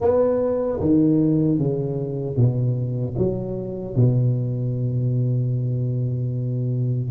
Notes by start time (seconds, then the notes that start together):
0.00 B3
0.80 D#3
1.58 C#3
2.36 B2
3.17 F#3
3.95 B2